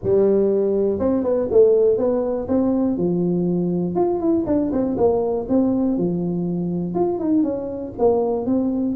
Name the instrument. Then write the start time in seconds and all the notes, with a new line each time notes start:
tuba
0.03 G3
0.99 C4
1.23 B3
1.51 A3
1.97 B3
2.47 C4
2.97 F3
3.95 F4
4.20 E4
4.46 D4
4.72 C4
4.97 A#3
5.48 C4
5.97 F3
6.94 F4
7.18 D#4
7.43 C#4
7.98 A#3
8.46 C4